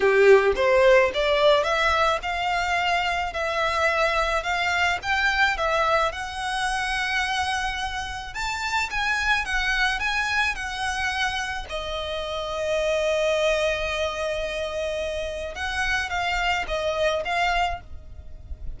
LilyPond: \new Staff \with { instrumentName = "violin" } { \time 4/4 \tempo 4 = 108 g'4 c''4 d''4 e''4 | f''2 e''2 | f''4 g''4 e''4 fis''4~ | fis''2. a''4 |
gis''4 fis''4 gis''4 fis''4~ | fis''4 dis''2.~ | dis''1 | fis''4 f''4 dis''4 f''4 | }